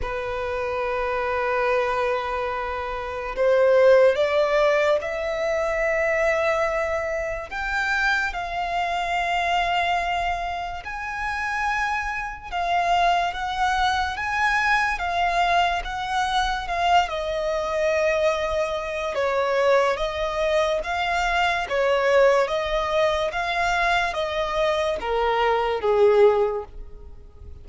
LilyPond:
\new Staff \with { instrumentName = "violin" } { \time 4/4 \tempo 4 = 72 b'1 | c''4 d''4 e''2~ | e''4 g''4 f''2~ | f''4 gis''2 f''4 |
fis''4 gis''4 f''4 fis''4 | f''8 dis''2~ dis''8 cis''4 | dis''4 f''4 cis''4 dis''4 | f''4 dis''4 ais'4 gis'4 | }